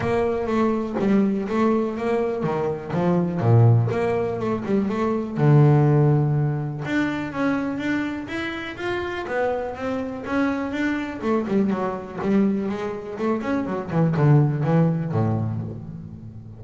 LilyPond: \new Staff \with { instrumentName = "double bass" } { \time 4/4 \tempo 4 = 123 ais4 a4 g4 a4 | ais4 dis4 f4 ais,4 | ais4 a8 g8 a4 d4~ | d2 d'4 cis'4 |
d'4 e'4 f'4 b4 | c'4 cis'4 d'4 a8 g8 | fis4 g4 gis4 a8 cis'8 | fis8 e8 d4 e4 a,4 | }